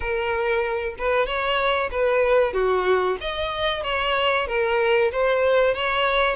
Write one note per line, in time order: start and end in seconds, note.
0.00 0.95 A#4
0.98 1.26 B4
1.26 1.90 C#5
1.91 2.53 B4
2.53 3.17 F#4
3.20 3.83 D#5
3.83 4.47 C#5
4.47 5.11 A#4
5.11 5.74 C5
5.74 6.36 C#5